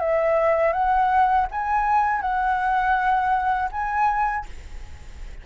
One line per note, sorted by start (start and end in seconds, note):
0.00 0.73 E5
0.73 1.47 F#5
1.52 2.22 G#5
2.22 3.70 F#5
3.72 4.46 G#5